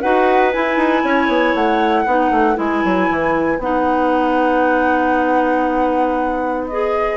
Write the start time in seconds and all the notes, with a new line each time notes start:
0.00 D#4 F#4 B4 F#5
0.52 E4 G#5
0.76 D#4
1.04 C#4 C#5
1.28 B3
1.54 A3 F#5
2.04 B3 D#4 B4
2.30 A3
2.54 G#3 E4 G#5
2.84 F#3
3.10 E3
3.58 B3 D#4 F#5
6.67 G#4 D#5